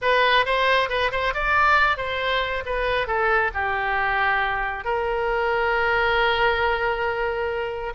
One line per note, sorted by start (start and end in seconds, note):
0.01 0.45 B4
0.45 0.89 C5
0.89 1.11 B4
1.11 1.33 C5
1.34 1.97 D5
1.97 2.63 C5
2.65 3.07 B4
3.07 3.51 A4
3.54 4.84 G4
4.84 7.93 A#4